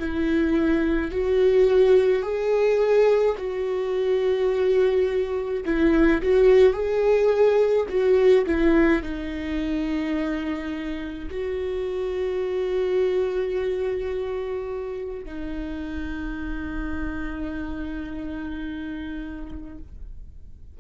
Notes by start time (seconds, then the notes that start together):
0.00 E4
1.12 F#4
2.23 G#4
3.38 F#4
5.66 E4
6.23 F#4
6.74 G#4
7.89 F#4
8.47 E4
9.03 D#4
11.31 F#4
15.26 D#4